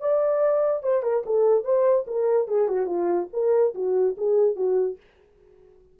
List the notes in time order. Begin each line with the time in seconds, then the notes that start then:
0.00 D5
0.83 C5
1.02 A#4
1.25 A4
1.64 C5
2.07 A#4
2.48 G#4
2.68 F#4
2.86 F4
3.33 A#4
3.74 F#4
4.17 G#4
4.56 F#4